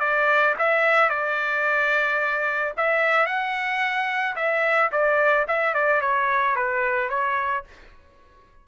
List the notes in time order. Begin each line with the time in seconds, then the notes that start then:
0.00 D5
0.59 E5
1.10 D5
2.77 E5
3.27 F#5
4.36 E5
4.92 D5
5.48 E5
5.74 D5
6.01 C#5
6.56 B4
7.10 C#5